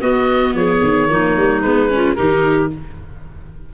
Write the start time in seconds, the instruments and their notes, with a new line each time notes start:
0.00 tuba B3, viola B3, clarinet F#4, oboe D#5
0.54 tuba F3, clarinet G#4, oboe C#5
0.83 tuba D#3
1.08 tuba F3, viola A#3, clarinet D#4
1.36 tuba G3
1.61 tuba G#3, viola B3, oboe B4
1.89 viola C#4, clarinet F4
2.15 tuba D#3, viola D#4, clarinet G4, oboe A#4